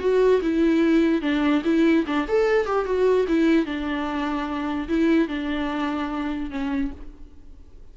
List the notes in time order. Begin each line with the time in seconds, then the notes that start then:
0.00 F#4
0.42 E4
1.22 D4
1.65 E4
2.07 D4
2.28 A4
2.66 G4
2.86 F#4
3.28 E4
3.66 D4
4.89 E4
5.29 D4
6.51 C#4